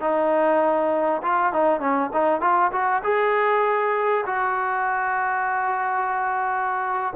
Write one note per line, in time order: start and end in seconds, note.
0.00 1.21 D#4
1.22 1.52 F4
1.53 1.80 D#4
1.80 2.10 C#4
2.13 2.40 D#4
2.40 2.71 F4
2.72 3.02 F#4
3.03 4.25 G#4
4.26 7.13 F#4